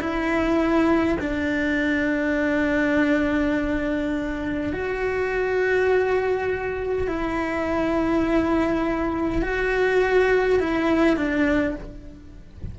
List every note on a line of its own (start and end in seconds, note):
0.00 1.18 E4
1.20 4.73 D4
4.73 7.07 F#4
7.07 9.42 E4
9.42 10.59 F#4
10.59 11.17 E4
11.17 11.75 D4